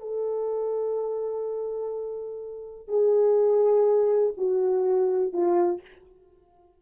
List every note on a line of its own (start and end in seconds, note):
0.00 2.88 A4
2.88 4.33 G#4
4.37 5.33 F#4
5.33 5.81 F4